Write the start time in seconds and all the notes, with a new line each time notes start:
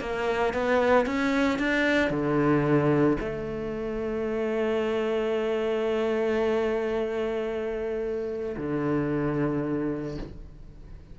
0.00 A#3
0.54 B3
1.06 C#4
1.59 D4
2.10 D3
3.20 A3
8.57 D3